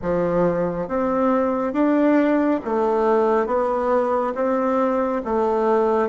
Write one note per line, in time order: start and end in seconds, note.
0.02 0.88 F3
0.88 1.73 C4
1.73 2.60 D4
2.64 3.46 A3
3.46 4.33 B3
4.34 5.21 C4
5.24 6.08 A3